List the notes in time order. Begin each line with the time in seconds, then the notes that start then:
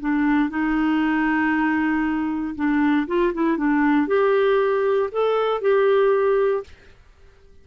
0.00 D4
0.50 D#4
2.55 D4
3.07 F4
3.33 E4
3.57 D4
4.07 G4
5.11 A4
5.61 G4